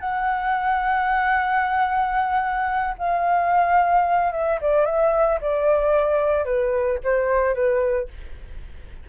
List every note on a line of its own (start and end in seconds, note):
0.00 2.95 F#5
2.98 4.32 F5
4.32 4.59 E5
4.61 4.85 D5
4.85 5.39 E5
5.41 6.45 D5
6.45 6.99 B4
7.04 7.55 C5
7.55 8.08 B4